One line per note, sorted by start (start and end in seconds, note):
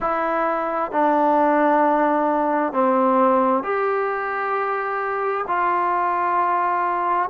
0.00 0.91 E4
0.91 2.73 D4
2.73 3.63 C4
3.63 5.45 G4
5.48 7.29 F4